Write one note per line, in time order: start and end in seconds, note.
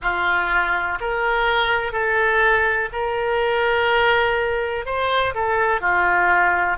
0.02 0.99 F4
1.00 1.92 A#4
1.92 2.89 A4
2.92 4.85 A#4
4.85 5.34 C5
5.34 5.80 A4
5.80 6.77 F4